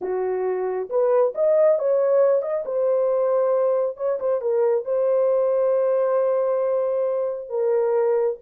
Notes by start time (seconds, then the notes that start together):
0.01 F#4
0.89 B4
1.34 D#5
1.79 C#5
2.42 D#5
2.65 C5
3.96 C#5
4.19 C5
4.41 A#4
4.84 C5
7.49 A#4